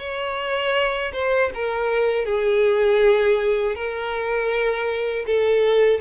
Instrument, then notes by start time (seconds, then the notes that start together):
violin
0.00 C#5
1.13 C5
1.55 A#4
2.26 G#4
3.76 A#4
5.27 A4